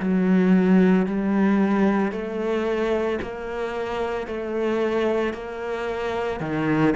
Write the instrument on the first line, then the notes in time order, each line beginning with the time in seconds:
cello
0.00 F#3
1.06 G3
2.12 A3
3.22 A#3
4.27 A3
5.33 A#3
6.40 D#3